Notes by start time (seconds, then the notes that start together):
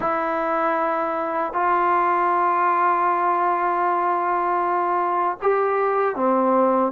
0.00 E4
1.53 F4
5.42 G4
6.15 C4